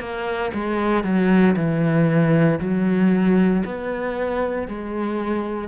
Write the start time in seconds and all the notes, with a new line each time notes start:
0.00 A#3
0.54 G#3
1.04 F#3
1.56 E3
2.60 F#3
3.65 B3
4.68 G#3